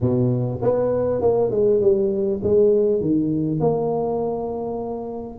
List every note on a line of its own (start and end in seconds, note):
0.00 0.60 B2
0.61 1.21 B3
1.21 1.50 A#3
1.50 1.80 G#3
1.81 2.41 G3
2.43 3.00 G#3
3.00 3.60 D#3
3.60 5.38 A#3